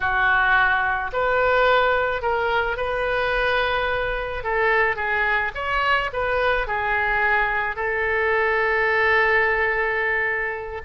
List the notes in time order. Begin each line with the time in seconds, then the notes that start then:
0.00 F#4
1.12 B4
2.22 A#4
2.76 B4
4.43 A4
4.96 G#4
5.54 C#5
6.12 B4
6.67 G#4
7.76 A4